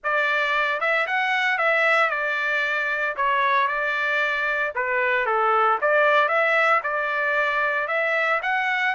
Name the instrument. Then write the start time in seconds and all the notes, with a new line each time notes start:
trumpet
0.03 D5
0.80 E5
1.06 F#5
1.58 E5
2.10 D5
3.16 C#5
3.67 D5
4.75 B4
5.25 A4
5.81 D5
6.28 E5
6.83 D5
7.87 E5
8.42 F#5